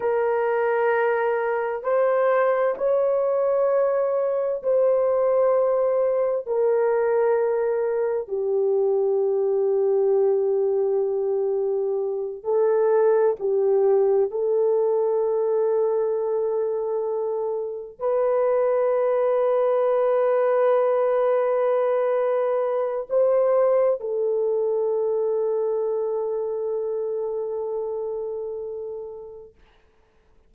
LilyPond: \new Staff \with { instrumentName = "horn" } { \time 4/4 \tempo 4 = 65 ais'2 c''4 cis''4~ | cis''4 c''2 ais'4~ | ais'4 g'2.~ | g'4. a'4 g'4 a'8~ |
a'2.~ a'8 b'8~ | b'1~ | b'4 c''4 a'2~ | a'1 | }